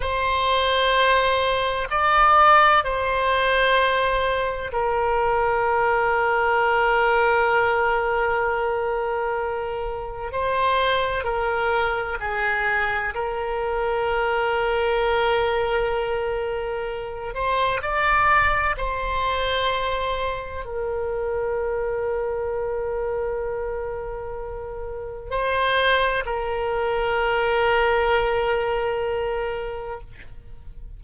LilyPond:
\new Staff \with { instrumentName = "oboe" } { \time 4/4 \tempo 4 = 64 c''2 d''4 c''4~ | c''4 ais'2.~ | ais'2. c''4 | ais'4 gis'4 ais'2~ |
ais'2~ ais'8 c''8 d''4 | c''2 ais'2~ | ais'2. c''4 | ais'1 | }